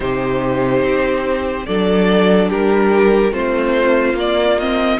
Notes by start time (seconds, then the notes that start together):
0.00 C3 D#4 G4 C5
0.82 C4
1.66 F#3 D4 A4 D5
2.49 G3 G4 A#4
3.32 A3 C4 F4 C5
4.13 A#3 D5
4.58 C4 D#5